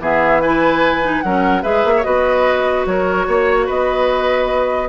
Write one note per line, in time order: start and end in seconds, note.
0.00 1.22 E3
0.00 0.43 B3
0.00 0.42 G#4
0.00 0.41 E5
0.41 1.03 E4
0.41 1.24 B4
0.41 1.22 G#5
1.03 1.23 D#4
1.22 1.64 F#3
1.22 1.63 C#4
1.22 1.63 A#4
1.22 1.63 F#5
1.63 1.84 G#3
1.63 2.04 G#4
1.63 1.93 B4
1.63 2.03 E5
1.85 2.05 A#3
1.97 2.06 C#5
2.03 2.86 B3
2.03 4.89 F#4
2.03 2.87 B4
2.03 2.85 D#5
2.86 3.27 F#3
2.86 3.27 A#4
2.86 3.69 C#5
3.27 3.69 A#3
3.27 3.66 C#5
3.66 4.89 B3
3.66 4.89 B4
3.66 4.89 D#5